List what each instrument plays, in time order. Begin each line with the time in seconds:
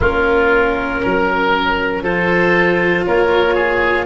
0.00 tuba A#3, cello C#4, oboe F4, clarinet A#4
1.02 tuba F#3, oboe A#4
2.02 tuba F3, cello F4, oboe A4, clarinet C5
3.06 tuba A#3, oboe A#4, clarinet C#5
3.54 oboe G#4